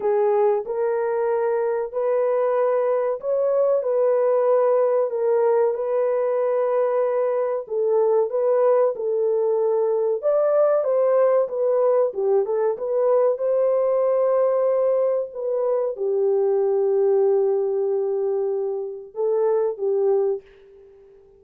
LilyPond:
\new Staff \with { instrumentName = "horn" } { \time 4/4 \tempo 4 = 94 gis'4 ais'2 b'4~ | b'4 cis''4 b'2 | ais'4 b'2. | a'4 b'4 a'2 |
d''4 c''4 b'4 g'8 a'8 | b'4 c''2. | b'4 g'2.~ | g'2 a'4 g'4 | }